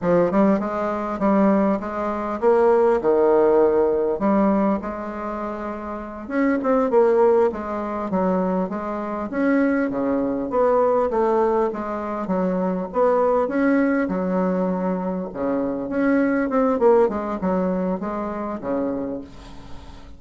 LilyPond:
\new Staff \with { instrumentName = "bassoon" } { \time 4/4 \tempo 4 = 100 f8 g8 gis4 g4 gis4 | ais4 dis2 g4 | gis2~ gis8 cis'8 c'8 ais8~ | ais8 gis4 fis4 gis4 cis'8~ |
cis'8 cis4 b4 a4 gis8~ | gis8 fis4 b4 cis'4 fis8~ | fis4. cis4 cis'4 c'8 | ais8 gis8 fis4 gis4 cis4 | }